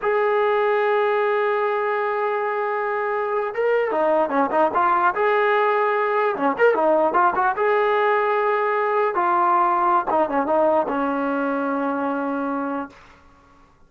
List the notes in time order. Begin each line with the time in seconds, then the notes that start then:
0.02 G#4
3.54 A#4
3.91 D#4
4.29 C#4
4.51 D#4
4.74 F4
5.14 G#4
6.36 C#4
6.58 A#4
6.74 D#4
7.13 F4
7.35 F#4
7.56 G#4
9.14 F4
10.10 D#4
10.29 C#4
10.46 D#4
10.88 C#4